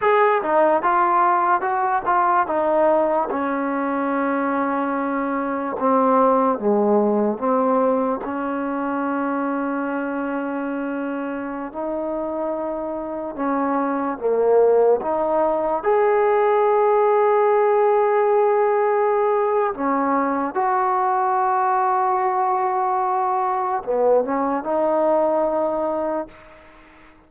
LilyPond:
\new Staff \with { instrumentName = "trombone" } { \time 4/4 \tempo 4 = 73 gis'8 dis'8 f'4 fis'8 f'8 dis'4 | cis'2. c'4 | gis4 c'4 cis'2~ | cis'2~ cis'16 dis'4.~ dis'16~ |
dis'16 cis'4 ais4 dis'4 gis'8.~ | gis'1 | cis'4 fis'2.~ | fis'4 b8 cis'8 dis'2 | }